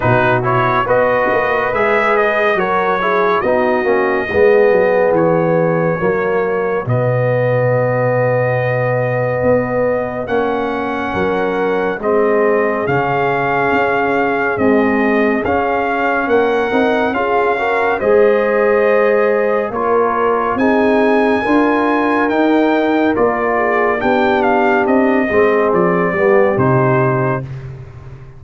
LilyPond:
<<
  \new Staff \with { instrumentName = "trumpet" } { \time 4/4 \tempo 4 = 70 b'8 cis''8 dis''4 e''8 dis''8 cis''4 | dis''2 cis''2 | dis''1 | fis''2 dis''4 f''4~ |
f''4 dis''4 f''4 fis''4 | f''4 dis''2 cis''4 | gis''2 g''4 d''4 | g''8 f''8 dis''4 d''4 c''4 | }
  \new Staff \with { instrumentName = "horn" } { \time 4/4 fis'4 b'2 ais'8 gis'8 | fis'4 gis'2 fis'4~ | fis'1~ | fis'4 ais'4 gis'2~ |
gis'2. ais'4 | gis'8 ais'8 c''2 ais'4 | gis'4 ais'2~ ais'8 gis'8 | g'4. gis'4 g'4. | }
  \new Staff \with { instrumentName = "trombone" } { \time 4/4 dis'8 e'8 fis'4 gis'4 fis'8 e'8 | dis'8 cis'8 b2 ais4 | b1 | cis'2 c'4 cis'4~ |
cis'4 gis4 cis'4. dis'8 | f'8 fis'8 gis'2 f'4 | dis'4 f'4 dis'4 f'4 | d'4. c'4 b8 dis'4 | }
  \new Staff \with { instrumentName = "tuba" } { \time 4/4 b,4 b8 ais8 gis4 fis4 | b8 ais8 gis8 fis8 e4 fis4 | b,2. b4 | ais4 fis4 gis4 cis4 |
cis'4 c'4 cis'4 ais8 c'8 | cis'4 gis2 ais4 | c'4 d'4 dis'4 ais4 | b4 c'8 gis8 f8 g8 c4 | }
>>